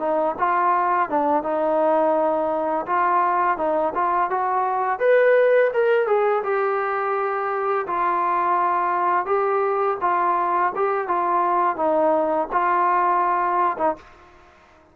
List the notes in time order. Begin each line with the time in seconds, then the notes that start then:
0.00 D#4
0.39 F4
1.10 D4
1.44 D#4
2.86 F4
3.58 D#4
3.95 F4
4.31 F#4
5.00 B4
5.74 A#4
6.07 G#4
6.44 G4
7.87 F4
9.26 G4
10.01 F4
10.76 G4
11.08 F4
11.77 D#4
12.52 F4
13.78 D#4